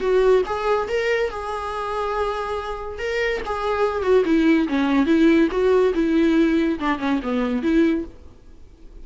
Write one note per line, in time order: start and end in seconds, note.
0.00 0.42 F#4
0.46 0.88 G#4
0.88 1.30 A#4
1.30 2.98 G#4
2.98 3.41 A#4
3.45 4.02 G#4
4.02 4.23 F#4
4.25 4.67 E4
4.68 5.06 C#4
5.06 5.48 E4
5.51 5.93 F#4
5.94 6.79 E4
6.79 6.99 D4
6.99 7.20 C#4
7.23 7.62 B3
7.62 8.05 E4